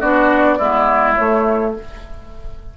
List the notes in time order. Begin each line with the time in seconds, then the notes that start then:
0.00 B3 D4 F#4 D5
0.58 G#3 B3 E4
1.15 A3 C#5